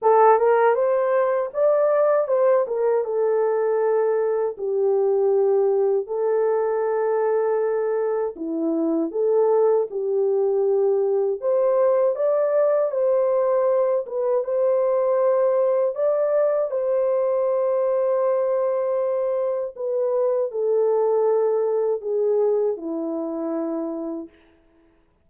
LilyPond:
\new Staff \with { instrumentName = "horn" } { \time 4/4 \tempo 4 = 79 a'8 ais'8 c''4 d''4 c''8 ais'8 | a'2 g'2 | a'2. e'4 | a'4 g'2 c''4 |
d''4 c''4. b'8 c''4~ | c''4 d''4 c''2~ | c''2 b'4 a'4~ | a'4 gis'4 e'2 | }